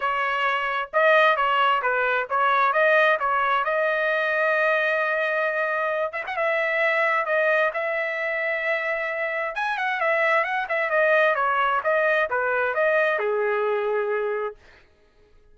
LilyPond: \new Staff \with { instrumentName = "trumpet" } { \time 4/4 \tempo 4 = 132 cis''2 dis''4 cis''4 | b'4 cis''4 dis''4 cis''4 | dis''1~ | dis''4. e''16 fis''16 e''2 |
dis''4 e''2.~ | e''4 gis''8 fis''8 e''4 fis''8 e''8 | dis''4 cis''4 dis''4 b'4 | dis''4 gis'2. | }